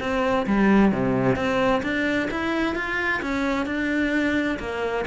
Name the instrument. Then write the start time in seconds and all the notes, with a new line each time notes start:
cello
0.00 C4
0.47 G3
0.92 C3
1.36 C4
1.83 D4
2.31 E4
2.75 F4
3.22 C#4
3.66 D4
4.59 A#3